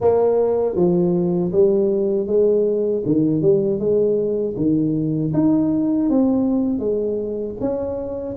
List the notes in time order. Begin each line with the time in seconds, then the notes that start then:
0.00 A#3
0.75 F3
1.52 G3
2.26 G#3
3.05 D#3
3.41 G3
3.79 G#3
4.56 D#3
5.33 D#4
6.09 C4
6.79 G#3
7.60 C#4